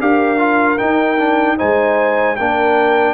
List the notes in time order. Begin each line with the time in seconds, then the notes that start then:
0.00 D4 G4 A#4 F5
0.38 F4
0.78 D#4 G5
1.18 D4
1.57 G#3 D#4 C5 G#5
2.36 A#3 D4 A#4 G5